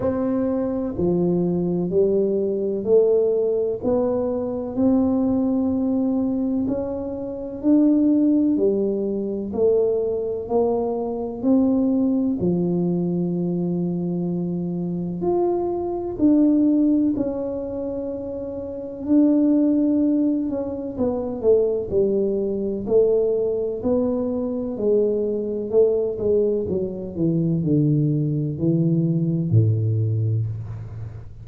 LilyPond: \new Staff \with { instrumentName = "tuba" } { \time 4/4 \tempo 4 = 63 c'4 f4 g4 a4 | b4 c'2 cis'4 | d'4 g4 a4 ais4 | c'4 f2. |
f'4 d'4 cis'2 | d'4. cis'8 b8 a8 g4 | a4 b4 gis4 a8 gis8 | fis8 e8 d4 e4 a,4 | }